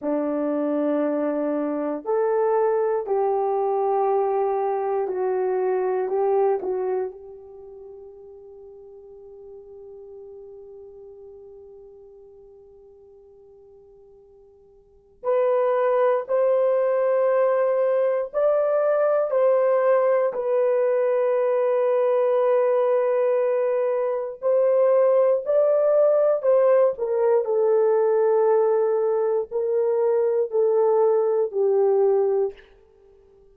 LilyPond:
\new Staff \with { instrumentName = "horn" } { \time 4/4 \tempo 4 = 59 d'2 a'4 g'4~ | g'4 fis'4 g'8 fis'8 g'4~ | g'1~ | g'2. b'4 |
c''2 d''4 c''4 | b'1 | c''4 d''4 c''8 ais'8 a'4~ | a'4 ais'4 a'4 g'4 | }